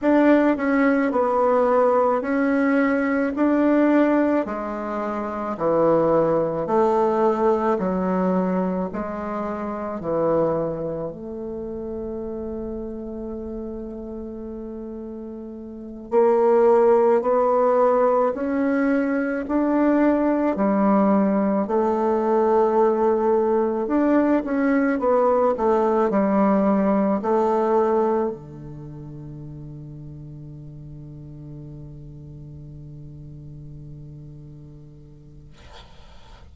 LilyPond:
\new Staff \with { instrumentName = "bassoon" } { \time 4/4 \tempo 4 = 54 d'8 cis'8 b4 cis'4 d'4 | gis4 e4 a4 fis4 | gis4 e4 a2~ | a2~ a8 ais4 b8~ |
b8 cis'4 d'4 g4 a8~ | a4. d'8 cis'8 b8 a8 g8~ | g8 a4 d2~ d8~ | d1 | }